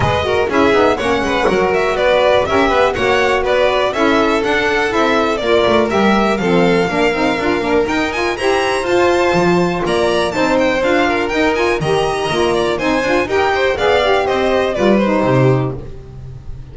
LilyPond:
<<
  \new Staff \with { instrumentName = "violin" } { \time 4/4 \tempo 4 = 122 dis''4 e''4 fis''4. e''8 | d''4 e''4 fis''4 d''4 | e''4 fis''4 e''4 d''4 | e''4 f''2. |
g''8 gis''8 ais''4 a''2 | ais''4 a''8 g''8 f''4 g''8 gis''8 | ais''2 gis''4 g''4 | f''4 dis''4 d''8 c''4. | }
  \new Staff \with { instrumentName = "violin" } { \time 4/4 b'8 ais'8 gis'4 cis''8 b'8 ais'4 | b'4 ais'8 b'8 cis''4 b'4 | a'2. ais'4~ | ais'4 a'4 ais'2~ |
ais'4 c''2. | d''4 c''4. ais'4. | dis''4. d''8 c''4 ais'8 c''8 | d''4 c''4 b'4 g'4 | }
  \new Staff \with { instrumentName = "saxophone" } { \time 4/4 gis'8 fis'8 e'8 dis'8 cis'4 fis'4~ | fis'4 g'4 fis'2 | e'4 d'4 e'4 f'4 | g'4 c'4 d'8 dis'8 f'8 d'8 |
dis'8 f'8 g'4 f'2~ | f'4 dis'4 f'4 dis'8 f'8 | g'4 f'4 dis'8 f'8 g'4 | gis'8 g'4. f'8 dis'4. | }
  \new Staff \with { instrumentName = "double bass" } { \time 4/4 gis4 cis'8 b8 ais8 gis8 fis4 | b4 cis'8 b8 ais4 b4 | cis'4 d'4 c'4 ais8 a8 | g4 f4 ais8 c'8 d'8 ais8 |
dis'4 e'4 f'4 f4 | ais4 c'4 d'4 dis'4 | dis4 ais4 c'8 d'8 dis'4 | b4 c'4 g4 c4 | }
>>